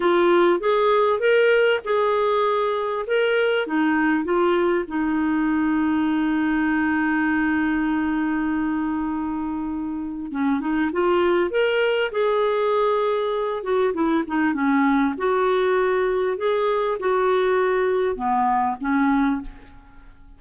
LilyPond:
\new Staff \with { instrumentName = "clarinet" } { \time 4/4 \tempo 4 = 99 f'4 gis'4 ais'4 gis'4~ | gis'4 ais'4 dis'4 f'4 | dis'1~ | dis'1~ |
dis'4 cis'8 dis'8 f'4 ais'4 | gis'2~ gis'8 fis'8 e'8 dis'8 | cis'4 fis'2 gis'4 | fis'2 b4 cis'4 | }